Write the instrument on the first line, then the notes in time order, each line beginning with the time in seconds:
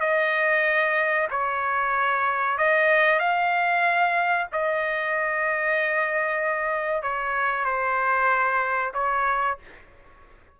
trumpet
0.00 D#5
1.30 C#5
2.58 D#5
3.19 F5
4.52 D#5
7.02 C#5
7.65 C5
8.94 C#5